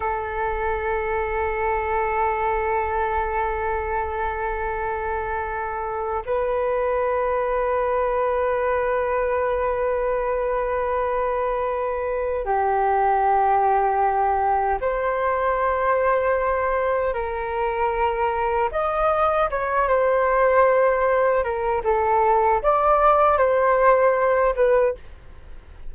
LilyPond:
\new Staff \with { instrumentName = "flute" } { \time 4/4 \tempo 4 = 77 a'1~ | a'1 | b'1~ | b'1 |
g'2. c''4~ | c''2 ais'2 | dis''4 cis''8 c''2 ais'8 | a'4 d''4 c''4. b'8 | }